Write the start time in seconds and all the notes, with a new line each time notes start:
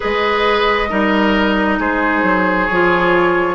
0.00 G#3 G#4 B4 D#5
0.89 G3 D#4 A#4
1.79 G#3 G#4 C5
2.22 F#3
2.66 F3 F4 C#5